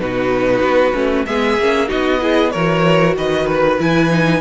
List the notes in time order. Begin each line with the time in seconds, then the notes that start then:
0.00 B2 D#4 F#4 B4
0.61 B3
0.93 A3 C#4
1.25 G#3 B3 G#4 E5
1.59 A#3 C#4
1.87 B3 D#4 F#4 D#5
2.21 E4 G#4
2.51 E3 F#4 A#4 C#5
3.16 D#3 B4 D#5
3.47 B4
3.79 E3 E4 G#5
4.09 D#4